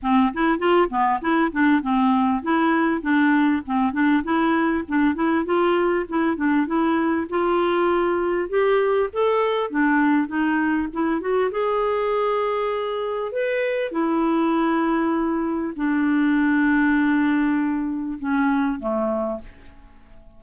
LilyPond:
\new Staff \with { instrumentName = "clarinet" } { \time 4/4 \tempo 4 = 99 c'8 e'8 f'8 b8 e'8 d'8 c'4 | e'4 d'4 c'8 d'8 e'4 | d'8 e'8 f'4 e'8 d'8 e'4 | f'2 g'4 a'4 |
d'4 dis'4 e'8 fis'8 gis'4~ | gis'2 b'4 e'4~ | e'2 d'2~ | d'2 cis'4 a4 | }